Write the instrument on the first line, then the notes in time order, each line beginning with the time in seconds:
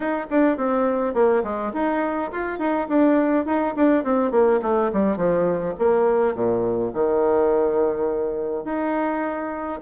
bassoon
0.00 D#4
0.30 D4
0.57 C4
1.14 A#3
1.43 G#3
1.73 D#4
2.31 F4
2.58 D#4
2.88 D4
3.45 D#4
3.76 D4
4.04 C4
4.31 A#3
4.62 A3
4.92 G3
5.16 F3
5.78 A#3
6.34 A#2
6.93 D#3
8.64 D#4